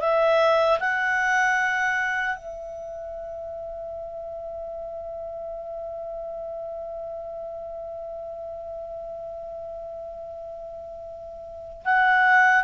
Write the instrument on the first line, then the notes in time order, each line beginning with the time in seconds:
clarinet
0.00 E5
0.79 F#5
2.36 E5
11.85 F#5